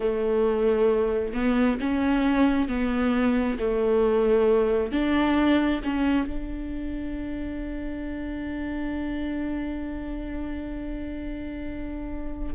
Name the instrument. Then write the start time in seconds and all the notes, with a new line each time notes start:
viola
0.00 A3
1.33 B3
1.80 C#4
2.68 B3
3.58 A3
4.92 D4
5.84 C#4
6.27 D4